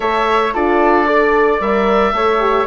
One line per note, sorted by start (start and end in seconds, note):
0.00 0.54 A3
0.00 0.53 A4
0.00 0.53 C#5
0.00 0.53 E5
0.53 1.60 D4
0.53 1.06 F4
0.53 1.07 A4
0.53 1.61 D5
1.06 1.59 A4
1.06 2.14 D5
1.59 2.12 G3
1.59 2.13 A#4
1.59 2.67 E5
2.12 2.65 A3
2.12 2.40 A4
2.12 2.67 C#5
2.40 2.67 G4